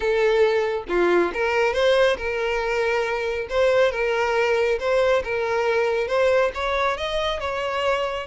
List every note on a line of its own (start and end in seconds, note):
0.00 0.84 A4
0.88 1.32 F4
1.33 1.73 A#4
1.73 2.17 C5
2.17 3.47 A#4
3.49 3.91 C5
3.91 4.78 A#4
4.79 5.23 C5
5.24 6.07 A#4
6.07 6.51 C5
6.54 6.97 C#5
6.97 7.40 D#5
7.40 8.26 C#5